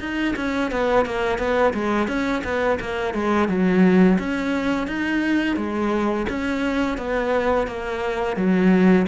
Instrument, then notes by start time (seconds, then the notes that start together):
cello
0.00 D#4
0.36 C#4
0.71 B3
1.06 A#3
1.39 B3
1.74 G#3
2.08 C#4
2.44 B3
2.80 A#3
3.14 G#3
3.49 F#3
4.19 C#4
4.87 D#4
5.57 G#3
6.29 C#4
6.98 B3
7.67 A#3
8.37 F#3